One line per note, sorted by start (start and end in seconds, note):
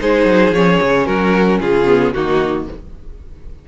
0.00 0.25 G#3
0.00 0.53 D#4
0.00 1.07 G#4
0.00 0.54 C5
0.25 0.52 F#3
0.52 0.78 F3
0.52 1.86 C#4
0.52 1.06 C#5
0.82 1.07 C#3
1.06 1.60 F#3
1.06 1.60 F#4
1.06 1.59 A#4
1.61 2.14 C#3
1.61 2.14 F4
1.61 2.13 G#4
1.86 2.13 B3
2.13 2.68 D#3
2.13 2.68 A#3
2.13 2.68 D#4
2.13 2.66 F#4